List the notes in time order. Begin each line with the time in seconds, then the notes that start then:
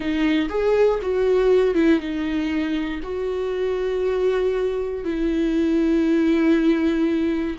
0.00 D#4
0.49 G#4
1.02 F#4
1.74 E4
1.99 D#4
3.02 F#4
5.04 E4